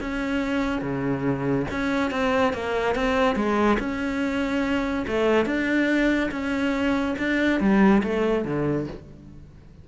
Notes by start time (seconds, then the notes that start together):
0.00 C#4
0.81 C#3
1.70 C#4
2.10 C4
2.53 A#3
2.95 C4
3.35 G#3
3.79 C#4
5.07 A3
5.45 D4
6.31 C#4
7.18 D4
7.60 G3
8.03 A3
8.44 D3